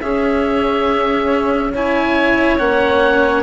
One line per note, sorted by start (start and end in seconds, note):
0.00 1.73 C#4
0.00 2.59 C#4
0.00 1.73 G#4
0.00 1.71 E5
1.73 2.58 E4
1.73 3.43 C#5
1.73 2.58 G#5
2.58 3.43 A#3
2.58 3.43 C#4
2.58 3.43 F#5